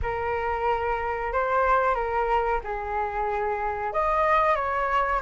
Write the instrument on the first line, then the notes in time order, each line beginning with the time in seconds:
flute
0.02 A#4
1.32 C5
1.94 A#4
2.64 G#4
3.92 D#5
4.55 C#5